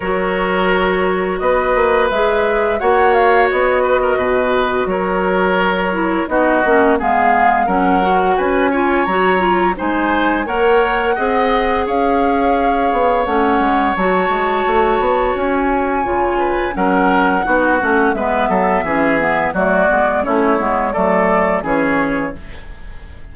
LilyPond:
<<
  \new Staff \with { instrumentName = "flute" } { \time 4/4 \tempo 4 = 86 cis''2 dis''4 e''4 | fis''8 f''8 dis''2 cis''4~ | cis''4 dis''4 f''4 fis''4 | gis''4 ais''4 gis''4 fis''4~ |
fis''4 f''2 fis''4 | a''2 gis''2 | fis''2 e''2 | d''4 cis''4 d''4 cis''4 | }
  \new Staff \with { instrumentName = "oboe" } { \time 4/4 ais'2 b'2 | cis''4. b'16 ais'16 b'4 ais'4~ | ais'4 fis'4 gis'4 ais'4 | b'8 cis''4. c''4 cis''4 |
dis''4 cis''2.~ | cis''2.~ cis''8 b'8 | ais'4 fis'4 b'8 a'8 gis'4 | fis'4 e'4 a'4 gis'4 | }
  \new Staff \with { instrumentName = "clarinet" } { \time 4/4 fis'2. gis'4 | fis'1~ | fis'8 e'8 dis'8 cis'8 b4 cis'8 fis'8~ | fis'8 f'8 fis'8 f'8 dis'4 ais'4 |
gis'2. cis'4 | fis'2. f'4 | cis'4 dis'8 cis'8 b4 cis'8 b8 | a8 b8 cis'8 b8 a4 cis'4 | }
  \new Staff \with { instrumentName = "bassoon" } { \time 4/4 fis2 b8 ais8 gis4 | ais4 b4 b,4 fis4~ | fis4 b8 ais8 gis4 fis4 | cis'4 fis4 gis4 ais4 |
c'4 cis'4. b8 a8 gis8 | fis8 gis8 a8 b8 cis'4 cis4 | fis4 b8 a8 gis8 fis8 e4 | fis8 gis8 a8 gis8 fis4 e4 | }
>>